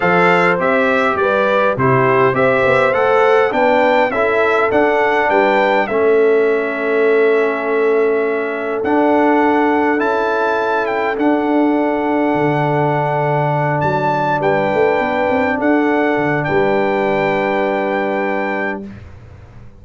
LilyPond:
<<
  \new Staff \with { instrumentName = "trumpet" } { \time 4/4 \tempo 4 = 102 f''4 e''4 d''4 c''4 | e''4 fis''4 g''4 e''4 | fis''4 g''4 e''2~ | e''2. fis''4~ |
fis''4 a''4. g''8 fis''4~ | fis''2.~ fis''8 a''8~ | a''8 g''2 fis''4. | g''1 | }
  \new Staff \with { instrumentName = "horn" } { \time 4/4 c''2 b'4 g'4 | c''2 b'4 a'4~ | a'4 b'4 a'2~ | a'1~ |
a'1~ | a'1~ | a'8 b'2 a'4. | b'1 | }
  \new Staff \with { instrumentName = "trombone" } { \time 4/4 a'4 g'2 e'4 | g'4 a'4 d'4 e'4 | d'2 cis'2~ | cis'2. d'4~ |
d'4 e'2 d'4~ | d'1~ | d'1~ | d'1 | }
  \new Staff \with { instrumentName = "tuba" } { \time 4/4 f4 c'4 g4 c4 | c'8 b8 a4 b4 cis'4 | d'4 g4 a2~ | a2. d'4~ |
d'4 cis'2 d'4~ | d'4 d2~ d8 fis8~ | fis8 g8 a8 b8 c'8 d'4 d8 | g1 | }
>>